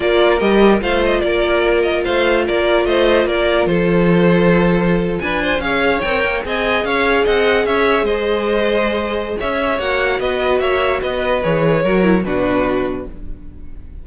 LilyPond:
<<
  \new Staff \with { instrumentName = "violin" } { \time 4/4 \tempo 4 = 147 d''4 dis''4 f''8 dis''8 d''4~ | d''8 dis''8 f''4 d''4 dis''4 | d''4 c''2.~ | c''8. gis''4 f''4 g''4 gis''16~ |
gis''8. f''4 fis''4 e''4 dis''16~ | dis''2. e''4 | fis''4 dis''4 e''4 dis''4 | cis''2 b'2 | }
  \new Staff \with { instrumentName = "violin" } { \time 4/4 ais'2 c''4 ais'4~ | ais'4 c''4 ais'4 c''4 | ais'4 a'2.~ | a'8. b'8 c''8 cis''2 dis''16~ |
dis''8. cis''4 dis''4 cis''4 c''16~ | c''2. cis''4~ | cis''4 b'4 cis''4 b'4~ | b'4 ais'4 fis'2 | }
  \new Staff \with { instrumentName = "viola" } { \time 4/4 f'4 g'4 f'2~ | f'1~ | f'1~ | f'4.~ f'16 gis'4 ais'4 gis'16~ |
gis'1~ | gis'1 | fis'1 | gis'4 fis'8 e'8 d'2 | }
  \new Staff \with { instrumentName = "cello" } { \time 4/4 ais4 g4 a4 ais4~ | ais4 a4 ais4 a4 | ais4 f2.~ | f8. d'4 cis'4 c'8 ais8 c'16~ |
c'8. cis'4 c'4 cis'4 gis16~ | gis2. cis'4 | ais4 b4 ais4 b4 | e4 fis4 b,2 | }
>>